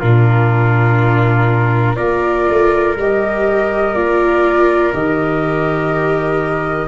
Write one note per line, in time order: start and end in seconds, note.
0.00 1.99 A#2
0.00 1.97 D4
0.00 1.97 F4
0.00 1.96 A#4
1.96 2.49 A#3
1.96 2.95 F4
1.96 6.88 A#4
1.96 2.95 D5
2.49 2.97 A3
2.97 3.94 G3
2.97 3.95 G4
2.97 3.94 D#5
3.94 4.93 A#3
3.94 4.93 F4
3.94 4.93 D5
4.93 6.88 D#3
4.93 6.88 G4
4.93 6.88 D#5